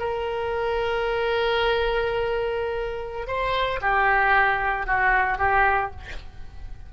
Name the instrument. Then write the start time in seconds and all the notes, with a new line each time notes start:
oboe
0.00 A#4
3.28 C5
3.82 G4
4.87 F#4
5.39 G4